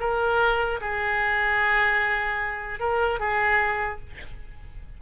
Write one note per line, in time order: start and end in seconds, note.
0.00 0.80 A#4
0.81 2.79 G#4
2.79 3.19 A#4
3.19 3.99 G#4